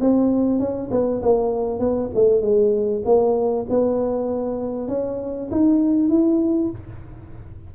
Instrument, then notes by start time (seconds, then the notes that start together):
tuba
0.00 C4
0.59 C#4
0.91 B3
1.22 A#3
1.79 B3
2.14 A3
2.41 G#3
3.05 A#3
3.69 B3
4.88 C#4
5.51 D#4
6.09 E4